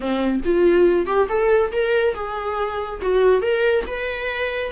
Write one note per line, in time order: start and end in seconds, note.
0.00 0.40 C4
0.44 1.06 F4
1.06 1.27 G4
1.28 1.71 A4
1.72 2.14 A#4
2.14 3.00 G#4
3.01 3.41 F#4
3.41 3.84 A#4
3.86 4.71 B4